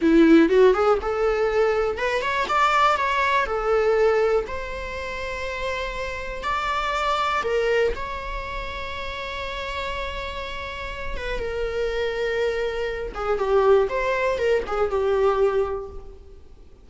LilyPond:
\new Staff \with { instrumentName = "viola" } { \time 4/4 \tempo 4 = 121 e'4 fis'8 gis'8 a'2 | b'8 cis''8 d''4 cis''4 a'4~ | a'4 c''2.~ | c''4 d''2 ais'4 |
cis''1~ | cis''2~ cis''8 b'8 ais'4~ | ais'2~ ais'8 gis'8 g'4 | c''4 ais'8 gis'8 g'2 | }